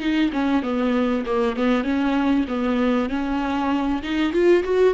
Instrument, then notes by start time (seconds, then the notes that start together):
viola
0.00 D#4
0.33 C#4
0.63 B3
1.26 A#3
1.56 B3
1.84 C#4
2.48 B3
3.10 C#4
4.03 D#4
4.33 F4
4.64 F#4